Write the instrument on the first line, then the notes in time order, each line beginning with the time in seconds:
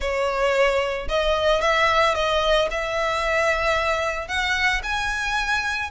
violin
0.00 C#5
1.08 D#5
1.61 E5
2.14 D#5
2.71 E5
4.28 F#5
4.83 G#5